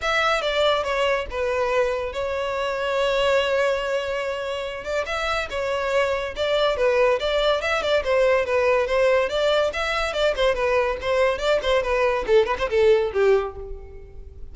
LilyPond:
\new Staff \with { instrumentName = "violin" } { \time 4/4 \tempo 4 = 142 e''4 d''4 cis''4 b'4~ | b'4 cis''2.~ | cis''2.~ cis''8 d''8 | e''4 cis''2 d''4 |
b'4 d''4 e''8 d''8 c''4 | b'4 c''4 d''4 e''4 | d''8 c''8 b'4 c''4 d''8 c''8 | b'4 a'8 b'16 c''16 a'4 g'4 | }